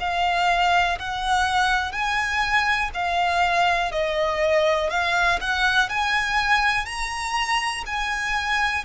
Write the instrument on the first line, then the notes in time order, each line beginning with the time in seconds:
violin
0.00 F5
0.99 F#5
1.92 G#5
2.94 F5
3.92 D#5
4.90 F5
5.41 F#5
5.90 G#5
6.86 A#5
7.86 G#5